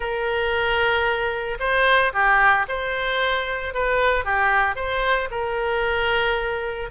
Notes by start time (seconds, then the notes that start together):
0.00 A#4
1.59 C5
2.13 G4
2.68 C5
3.73 B4
4.25 G4
4.75 C5
5.30 A#4